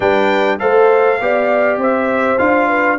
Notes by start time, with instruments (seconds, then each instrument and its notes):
0.00 tuba G3, trombone D4, horn B4, trumpet G5
0.59 tuba A3, trombone A4, horn C5, trumpet F5
1.20 tuba B3, trombone G4, horn D5
1.77 tuba C4, horn C5, trumpet E5
2.38 tuba D4, trombone F4, trumpet F5
2.68 horn B4